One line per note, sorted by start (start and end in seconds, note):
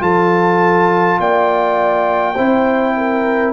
0.00 1.19 F3
0.00 2.35 F4
0.00 1.20 A4
0.00 1.20 A5
1.20 2.37 A#3
1.20 2.35 D5
1.20 3.54 G5
2.35 3.54 C4
2.35 3.54 E4
2.35 2.94 C5
2.97 3.54 A#4